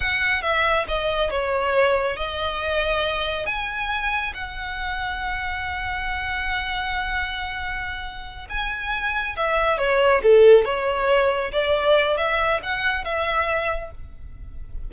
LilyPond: \new Staff \with { instrumentName = "violin" } { \time 4/4 \tempo 4 = 138 fis''4 e''4 dis''4 cis''4~ | cis''4 dis''2. | gis''2 fis''2~ | fis''1~ |
fis''2.~ fis''8 gis''8~ | gis''4. e''4 cis''4 a'8~ | a'8 cis''2 d''4. | e''4 fis''4 e''2 | }